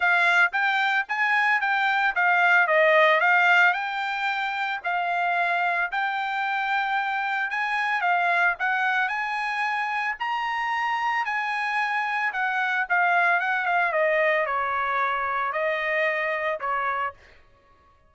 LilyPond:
\new Staff \with { instrumentName = "trumpet" } { \time 4/4 \tempo 4 = 112 f''4 g''4 gis''4 g''4 | f''4 dis''4 f''4 g''4~ | g''4 f''2 g''4~ | g''2 gis''4 f''4 |
fis''4 gis''2 ais''4~ | ais''4 gis''2 fis''4 | f''4 fis''8 f''8 dis''4 cis''4~ | cis''4 dis''2 cis''4 | }